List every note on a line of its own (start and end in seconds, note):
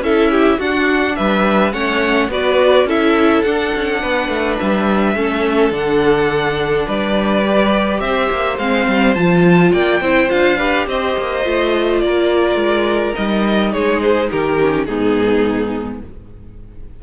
0.00 0.57 C#4
0.00 0.61 E4
0.00 0.31 A4
0.00 0.60 E5
0.31 0.58 G4
0.58 1.17 D4
0.58 1.72 D4
0.58 1.15 F#4
0.58 1.16 F#5
1.16 1.73 G3
1.16 1.73 B4
1.16 1.72 E5
1.72 2.29 A3
1.72 2.29 C#4
1.72 2.30 C#5
1.72 2.29 F#5
2.29 2.85 B3
2.29 2.87 F#4
2.29 2.87 B4
2.29 2.89 D5
2.85 3.42 C#4
2.85 3.45 E4
2.85 4.01 A4
2.85 3.42 E5
3.42 3.73 D4
3.42 5.16 D4
3.42 4.57 F#5
3.75 4.03 C#4
4.02 4.28 B3
4.02 5.16 B4
4.28 4.57 A3
4.59 5.15 G3
4.59 5.73 E5
5.15 5.71 A3
5.15 5.72 C#4
5.15 6.86 A4
5.71 6.85 D3
5.71 7.43 D4
5.71 6.88 F#5
6.86 8.00 G3
6.86 8.00 B4
6.86 8.00 D5
7.45 8.59 G4
8.00 8.29 C4
8.00 9.72 C5
8.00 8.57 E5
8.31 8.58 A#3
8.58 8.87 G#3
8.58 9.15 C4
8.58 9.15 F5
8.87 9.15 G3
9.15 9.72 F3
9.15 10.01 F4
9.15 9.72 A5
9.72 10.01 A#3
9.72 10.01 D5
9.72 10.30 G5
10.01 10.29 C4
10.01 10.28 E4
10.01 10.58 C5
10.28 10.87 D4
10.28 10.57 F4
10.28 10.87 F5
10.58 11.44 G4
10.58 10.86 B4
10.87 11.15 C4
10.87 12.02 C5
10.87 12.00 D#5
11.18 11.45 A#3
11.44 12.02 A3
11.44 13.14 F4
12.00 12.55 A#3
12.00 13.72 A#4
12.00 13.14 D5
12.55 13.12 G#3
13.14 13.74 G3
13.14 14.57 D#4
13.14 13.72 D#5
13.72 14.31 G#3
13.72 14.29 G#4
13.72 14.01 C#5
14.01 14.30 C5
14.30 14.87 D#3
14.30 14.87 G4
14.30 14.85 A#4
14.60 14.88 C#4
14.85 16.02 G#2
14.85 16.03 B3
14.85 16.03 D#4
14.85 15.99 G#4